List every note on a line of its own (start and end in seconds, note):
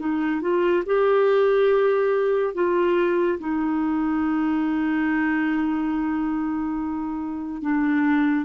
0.00 0.41 D#4
0.41 0.84 F4
0.86 2.55 G4
2.55 3.39 F4
3.40 7.62 D#4
7.62 8.45 D4